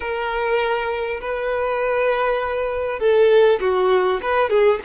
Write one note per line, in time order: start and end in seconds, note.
0.00 1.20 A#4
1.20 2.99 B4
2.99 3.59 A4
3.60 4.20 F#4
4.22 4.49 B4
4.49 4.79 G#4